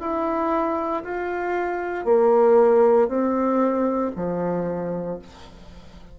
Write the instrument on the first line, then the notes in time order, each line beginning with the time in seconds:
bassoon
0.00 E4
1.03 F4
2.05 A#3
3.08 C4
4.16 F3